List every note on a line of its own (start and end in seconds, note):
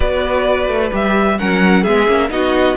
0.00 0.67 B3
0.00 0.91 F#4
0.00 1.37 B4
0.00 0.92 D5
0.67 0.91 A3
0.91 1.39 G3
0.91 1.37 G4
0.91 1.39 E5
1.38 1.87 F#3
1.38 1.85 C#4
1.38 1.82 A#4
1.38 1.83 F#5
1.82 2.07 G#3
1.82 2.07 B3
1.82 2.28 G#4
1.82 2.29 E5
2.07 2.30 A#3
2.07 2.28 C#4
2.28 2.76 B3
2.28 2.75 D#4
2.28 2.77 F#4
2.28 2.77 D#5